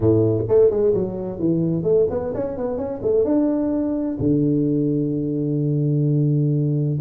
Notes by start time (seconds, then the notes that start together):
0.00 A2
0.48 A3
0.70 G#3
0.94 F#3
1.39 E3
1.83 A3
2.10 B3
2.34 C#4
2.57 B3
2.77 C#4
3.02 A3
3.24 D4
4.19 D3